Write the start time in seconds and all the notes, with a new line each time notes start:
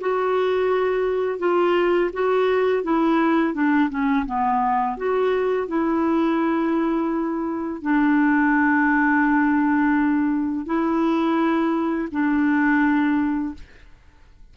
0.00 F#4
1.39 F4
2.13 F#4
2.83 E4
3.54 D4
3.90 C#4
4.26 B3
4.97 F#4
5.67 E4
7.81 D4
10.66 E4
12.11 D4